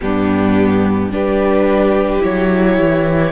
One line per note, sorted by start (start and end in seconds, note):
0.00 1.09 G2
0.00 1.11 B3
0.00 1.12 D4
0.00 1.12 G4
1.09 2.20 G3
1.09 2.20 D4
1.09 3.32 G4
1.09 2.23 B4
2.20 2.79 F#3
2.20 3.31 E4
2.20 3.32 C#5
2.79 3.32 E3